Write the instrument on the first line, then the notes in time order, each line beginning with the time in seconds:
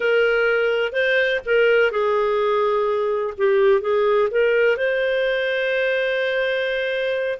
clarinet
0.00 A#4
0.92 C5
1.45 A#4
1.91 G#4
3.37 G4
3.81 G#4
4.31 A#4
4.76 C5